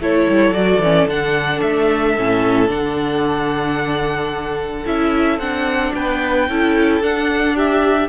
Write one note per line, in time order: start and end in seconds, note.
0.00 0.27 A3
0.00 0.54 E4
0.00 5.95 A4
0.00 0.54 C#5
0.29 0.50 G3
0.50 0.77 F#3
0.50 0.81 F#4
0.50 1.08 D5
0.79 1.06 E3
0.79 1.08 C#4
1.07 1.61 D3
1.07 2.17 D4
1.07 1.61 F#5
1.61 2.16 A3
1.61 2.69 E5
2.17 2.69 A2
2.17 2.67 C#4
2.67 4.86 D3
2.67 4.83 D4
2.67 4.87 F#5
4.86 5.38 C#4
4.86 5.40 E4
4.86 5.39 E5
5.38 5.92 C4
5.38 6.49 D4
5.38 5.93 F#5
5.95 6.49 B3
5.95 6.49 B4
5.95 7.03 G5
6.49 7.01 C#4
6.49 7.03 E4
6.49 7.55 A4
7.01 8.09 D4
7.01 7.57 F#5
7.55 8.09 G4
7.55 8.09 E5